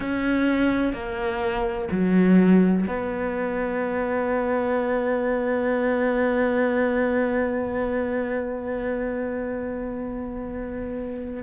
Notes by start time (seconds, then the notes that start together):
0.00 C#4
0.93 A#3
1.90 F#3
2.87 B3